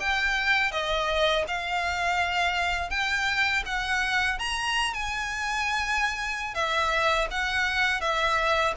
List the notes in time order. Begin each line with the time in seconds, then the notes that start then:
0.00 G5
0.72 D#5
1.48 F5
2.90 G5
3.66 F#5
4.39 A#5
4.94 G#5
6.55 E5
7.31 F#5
8.01 E5